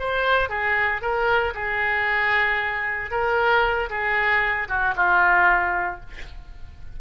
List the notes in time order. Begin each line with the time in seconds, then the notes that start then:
0.00 C5
0.50 G#4
1.02 A#4
1.55 G#4
3.11 A#4
3.90 G#4
4.69 F#4
4.97 F4